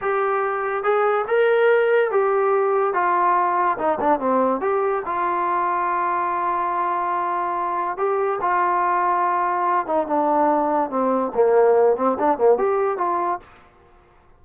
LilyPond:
\new Staff \with { instrumentName = "trombone" } { \time 4/4 \tempo 4 = 143 g'2 gis'4 ais'4~ | ais'4 g'2 f'4~ | f'4 dis'8 d'8 c'4 g'4 | f'1~ |
f'2. g'4 | f'2.~ f'8 dis'8 | d'2 c'4 ais4~ | ais8 c'8 d'8 ais8 g'4 f'4 | }